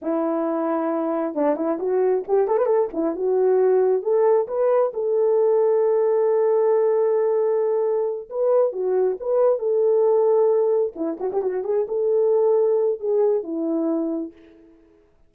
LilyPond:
\new Staff \with { instrumentName = "horn" } { \time 4/4 \tempo 4 = 134 e'2. d'8 e'8 | fis'4 g'8 a'16 b'16 a'8 e'8 fis'4~ | fis'4 a'4 b'4 a'4~ | a'1~ |
a'2~ a'8 b'4 fis'8~ | fis'8 b'4 a'2~ a'8~ | a'8 e'8 fis'16 g'16 fis'8 gis'8 a'4.~ | a'4 gis'4 e'2 | }